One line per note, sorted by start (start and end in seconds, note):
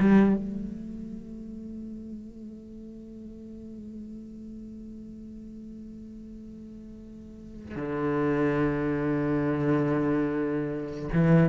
0.00 0.36 G3
0.36 7.76 A3
7.76 11.09 D3
11.13 11.49 E3